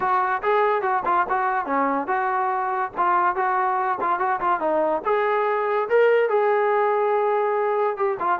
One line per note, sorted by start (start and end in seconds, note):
0.00 0.42 F#4
0.42 0.82 G#4
0.82 1.03 F#4
1.05 1.26 F4
1.29 1.65 F#4
1.65 2.07 C#4
2.07 2.91 F#4
2.97 3.35 F4
3.35 3.98 F#4
4.01 4.19 F4
4.19 4.40 F#4
4.40 4.60 F4
4.60 5.02 D#4
5.04 5.88 G#4
5.89 6.29 A#4
6.29 7.96 G#4
7.96 8.17 G4
8.19 8.39 F4